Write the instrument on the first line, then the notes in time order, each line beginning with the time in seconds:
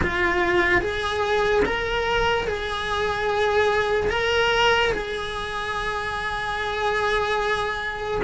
cello
0.02 F4
0.81 G#4
1.65 A#4
2.47 G#4
4.09 A#4
4.92 G#4